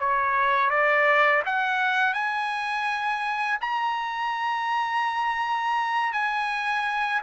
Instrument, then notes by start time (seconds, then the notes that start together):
trumpet
0.00 C#5
0.70 D5
1.46 F#5
2.14 G#5
3.61 A#5
6.13 G#5